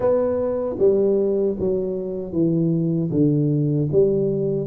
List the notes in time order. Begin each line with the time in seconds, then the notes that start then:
0.00 B3
0.78 G3
1.59 F#3
2.32 E3
3.10 D3
3.92 G3